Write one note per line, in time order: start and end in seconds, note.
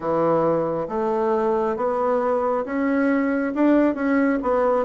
0.00 0.87 E3
0.88 1.76 A3
1.76 2.64 B3
2.65 3.53 C#4
3.55 3.94 D4
3.94 4.38 C#4
4.42 4.85 B3